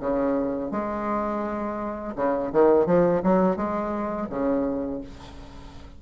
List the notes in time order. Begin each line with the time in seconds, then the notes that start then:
0.00 C#3
0.71 G#3
2.16 C#3
2.52 D#3
2.86 F3
3.23 F#3
3.56 G#3
4.29 C#3